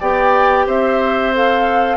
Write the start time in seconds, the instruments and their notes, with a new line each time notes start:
0.00 bassoon B3, clarinet G4, oboe D5, flute G5
0.67 bassoon C4, oboe C5, flute E5
1.34 clarinet A4, flute F5